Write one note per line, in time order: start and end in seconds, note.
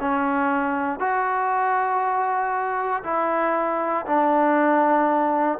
0.00 1.00 C#4
1.00 3.03 F#4
3.04 4.06 E4
4.06 5.59 D4